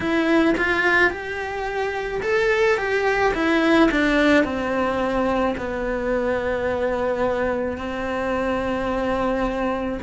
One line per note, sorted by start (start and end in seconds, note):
0.00 0.54 E4
0.57 1.10 F4
1.10 2.21 G4
2.22 2.77 A4
2.77 3.33 G4
3.34 3.89 E4
3.91 4.44 D4
4.44 5.55 C4
5.57 7.77 B3
7.77 9.99 C4